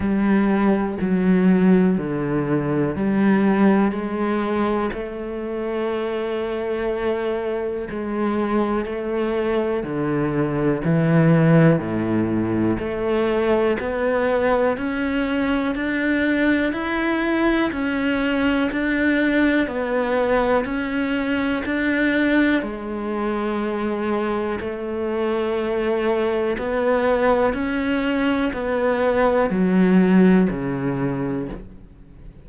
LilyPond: \new Staff \with { instrumentName = "cello" } { \time 4/4 \tempo 4 = 61 g4 fis4 d4 g4 | gis4 a2. | gis4 a4 d4 e4 | a,4 a4 b4 cis'4 |
d'4 e'4 cis'4 d'4 | b4 cis'4 d'4 gis4~ | gis4 a2 b4 | cis'4 b4 fis4 cis4 | }